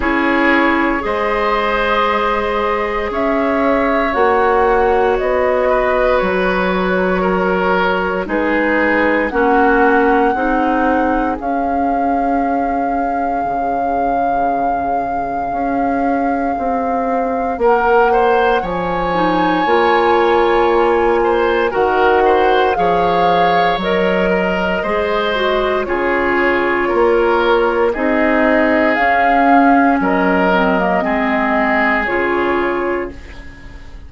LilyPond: <<
  \new Staff \with { instrumentName = "flute" } { \time 4/4 \tempo 4 = 58 cis''4 dis''2 e''4 | fis''4 dis''4 cis''2 | b'4 fis''2 f''4~ | f''1~ |
f''4 fis''4 gis''2~ | gis''4 fis''4 f''4 dis''4~ | dis''4 cis''2 dis''4 | f''4 dis''2 cis''4 | }
  \new Staff \with { instrumentName = "oboe" } { \time 4/4 gis'4 c''2 cis''4~ | cis''4. b'4. ais'4 | gis'4 fis'4 gis'2~ | gis'1~ |
gis'4 ais'8 c''8 cis''2~ | cis''8 c''8 ais'8 c''8 cis''4. ais'8 | c''4 gis'4 ais'4 gis'4~ | gis'4 ais'4 gis'2 | }
  \new Staff \with { instrumentName = "clarinet" } { \time 4/4 e'4 gis'2. | fis'1 | dis'4 cis'4 dis'4 cis'4~ | cis'1~ |
cis'2~ cis'8 dis'8 f'4~ | f'4 fis'4 gis'4 ais'4 | gis'8 fis'8 f'2 dis'4 | cis'4. c'16 ais16 c'4 f'4 | }
  \new Staff \with { instrumentName = "bassoon" } { \time 4/4 cis'4 gis2 cis'4 | ais4 b4 fis2 | gis4 ais4 c'4 cis'4~ | cis'4 cis2 cis'4 |
c'4 ais4 f4 ais4~ | ais4 dis4 f4 fis4 | gis4 cis4 ais4 c'4 | cis'4 fis4 gis4 cis4 | }
>>